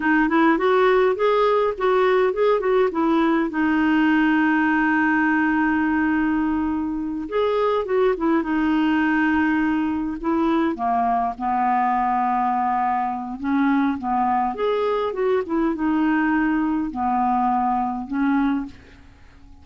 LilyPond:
\new Staff \with { instrumentName = "clarinet" } { \time 4/4 \tempo 4 = 103 dis'8 e'8 fis'4 gis'4 fis'4 | gis'8 fis'8 e'4 dis'2~ | dis'1~ | dis'8 gis'4 fis'8 e'8 dis'4.~ |
dis'4. e'4 ais4 b8~ | b2. cis'4 | b4 gis'4 fis'8 e'8 dis'4~ | dis'4 b2 cis'4 | }